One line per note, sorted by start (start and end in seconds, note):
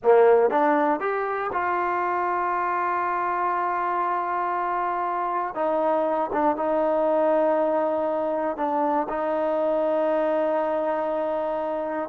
0.03 0.50 A#3
0.50 1.00 D4
1.00 1.50 G4
1.52 5.54 F4
5.54 6.30 D#4
6.32 6.56 D4
6.56 8.56 D#4
8.56 9.07 D4
9.08 12.09 D#4